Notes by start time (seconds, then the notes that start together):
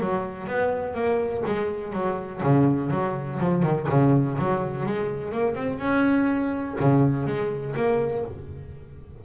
0.00 F#3
0.47 B3
0.94 A#3
1.46 G#3
1.92 F#3
2.43 C#3
2.90 F#3
3.39 F3
3.62 D#3
3.89 C#3
4.38 F#3
4.86 G#3
5.32 A#3
5.54 C4
5.79 C#4
6.80 C#3
7.26 G#3
7.76 A#3